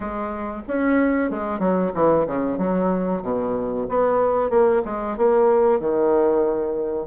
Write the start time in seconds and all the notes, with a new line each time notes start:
0.00 G#3
0.67 C#4
1.30 G#3
1.59 F#3
1.94 E3
2.26 C#3
2.58 F#3
3.22 B2
3.89 B3
4.50 A#3
4.84 G#3
5.17 A#3
5.79 D#3